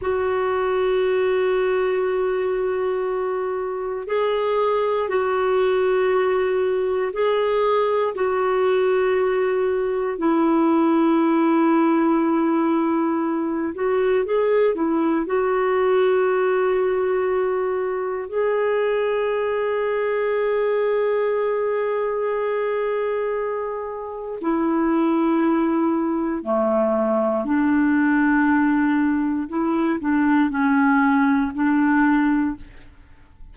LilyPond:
\new Staff \with { instrumentName = "clarinet" } { \time 4/4 \tempo 4 = 59 fis'1 | gis'4 fis'2 gis'4 | fis'2 e'2~ | e'4. fis'8 gis'8 e'8 fis'4~ |
fis'2 gis'2~ | gis'1 | e'2 a4 d'4~ | d'4 e'8 d'8 cis'4 d'4 | }